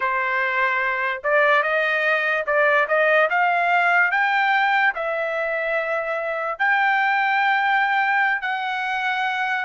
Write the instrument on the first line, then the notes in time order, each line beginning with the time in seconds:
trumpet
0.00 C5
1.23 D5
1.62 D#5
2.46 D5
2.88 D#5
3.30 F5
4.11 G5
4.94 E5
6.59 G5
8.41 F#5